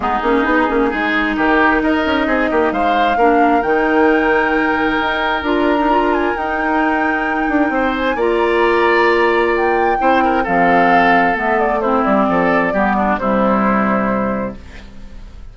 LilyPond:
<<
  \new Staff \with { instrumentName = "flute" } { \time 4/4 \tempo 4 = 132 gis'2. ais'4 | dis''2 f''2 | g''1 | ais''4. gis''8 g''2~ |
g''4. gis''8 ais''2~ | ais''4 g''2 f''4~ | f''4 e''8 d''8 c''8 d''4.~ | d''4 c''2. | }
  \new Staff \with { instrumentName = "oboe" } { \time 4/4 dis'2 gis'4 g'4 | ais'4 gis'8 g'8 c''4 ais'4~ | ais'1~ | ais'1~ |
ais'4 c''4 d''2~ | d''2 c''8 ais'8 a'4~ | a'2 e'4 a'4 | g'8 d'8 e'2. | }
  \new Staff \with { instrumentName = "clarinet" } { \time 4/4 b8 cis'8 dis'8 cis'8 dis'2~ | dis'2. d'4 | dis'1 | f'8. dis'16 f'4 dis'2~ |
dis'2 f'2~ | f'2 e'4 c'4~ | c'4 b4 c'2 | b4 g2. | }
  \new Staff \with { instrumentName = "bassoon" } { \time 4/4 gis8 ais8 b8 ais8 gis4 dis4 | dis'8 cis'8 c'8 ais8 gis4 ais4 | dis2. dis'4 | d'2 dis'2~ |
dis'8 d'8 c'4 ais2~ | ais2 c'4 f4~ | f4 a4. g8 f4 | g4 c2. | }
>>